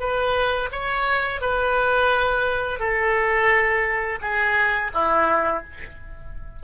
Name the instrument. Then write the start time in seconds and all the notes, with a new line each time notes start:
oboe
0.00 B4
0.72 C#5
1.41 B4
2.80 A4
4.21 G#4
4.94 E4